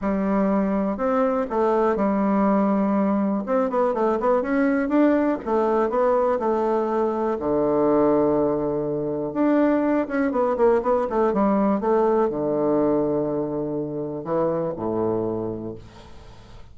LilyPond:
\new Staff \with { instrumentName = "bassoon" } { \time 4/4 \tempo 4 = 122 g2 c'4 a4 | g2. c'8 b8 | a8 b8 cis'4 d'4 a4 | b4 a2 d4~ |
d2. d'4~ | d'8 cis'8 b8 ais8 b8 a8 g4 | a4 d2.~ | d4 e4 a,2 | }